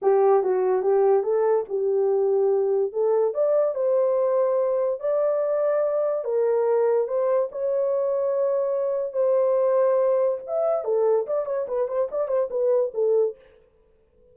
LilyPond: \new Staff \with { instrumentName = "horn" } { \time 4/4 \tempo 4 = 144 g'4 fis'4 g'4 a'4 | g'2. a'4 | d''4 c''2. | d''2. ais'4~ |
ais'4 c''4 cis''2~ | cis''2 c''2~ | c''4 e''4 a'4 d''8 cis''8 | b'8 c''8 d''8 c''8 b'4 a'4 | }